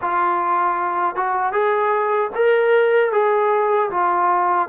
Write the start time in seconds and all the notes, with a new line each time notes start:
0.01 F4
1.15 F#4
1.52 G#4
2.35 A#4
3.12 G#4
3.90 F4